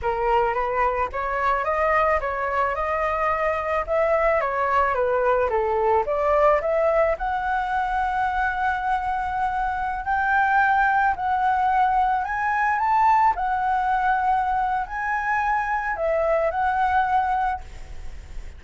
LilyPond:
\new Staff \with { instrumentName = "flute" } { \time 4/4 \tempo 4 = 109 ais'4 b'4 cis''4 dis''4 | cis''4 dis''2 e''4 | cis''4 b'4 a'4 d''4 | e''4 fis''2.~ |
fis''2~ fis''16 g''4.~ g''16~ | g''16 fis''2 gis''4 a''8.~ | a''16 fis''2~ fis''8. gis''4~ | gis''4 e''4 fis''2 | }